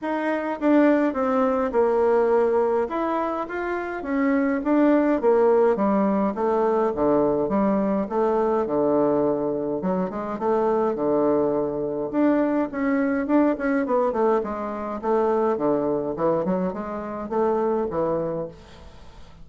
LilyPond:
\new Staff \with { instrumentName = "bassoon" } { \time 4/4 \tempo 4 = 104 dis'4 d'4 c'4 ais4~ | ais4 e'4 f'4 cis'4 | d'4 ais4 g4 a4 | d4 g4 a4 d4~ |
d4 fis8 gis8 a4 d4~ | d4 d'4 cis'4 d'8 cis'8 | b8 a8 gis4 a4 d4 | e8 fis8 gis4 a4 e4 | }